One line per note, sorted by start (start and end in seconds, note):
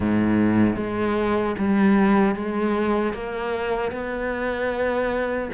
0.00 0.76 G#2
0.76 1.55 G#3
1.58 2.35 G3
2.35 3.13 G#3
3.13 3.91 A#3
3.91 5.49 B3